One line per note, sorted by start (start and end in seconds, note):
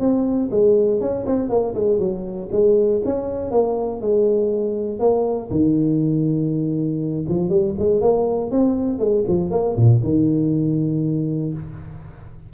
0.00 0.50 C4
0.51 1.01 G#3
1.01 1.26 C#4
1.27 1.50 C4
1.50 1.75 A#3
1.75 2.00 G#3
2.00 2.50 F#3
2.52 3.02 G#3
3.05 3.51 C#4
3.51 4.01 A#3
4.01 5.00 G#3
5.00 5.50 A#3
5.51 7.26 D#3
7.29 7.50 F3
7.50 7.75 G3
7.79 8.02 G#3
8.02 8.51 A#3
8.51 8.99 C4
8.99 9.24 G#3
9.28 9.51 F3
9.51 9.76 A#3
9.77 10.02 A#2
10.04 11.54 D#3